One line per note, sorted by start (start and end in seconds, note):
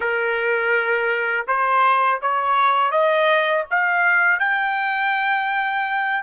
0.00 1.46 A#4
1.47 2.20 C5
2.22 2.91 C#5
2.91 3.64 D#5
3.70 4.39 F5
4.39 6.22 G5